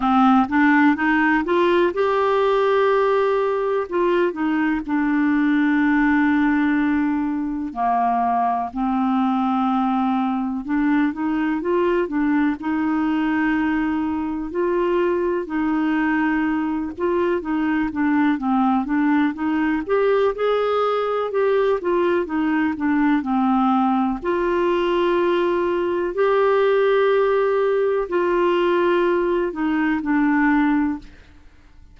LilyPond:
\new Staff \with { instrumentName = "clarinet" } { \time 4/4 \tempo 4 = 62 c'8 d'8 dis'8 f'8 g'2 | f'8 dis'8 d'2. | ais4 c'2 d'8 dis'8 | f'8 d'8 dis'2 f'4 |
dis'4. f'8 dis'8 d'8 c'8 d'8 | dis'8 g'8 gis'4 g'8 f'8 dis'8 d'8 | c'4 f'2 g'4~ | g'4 f'4. dis'8 d'4 | }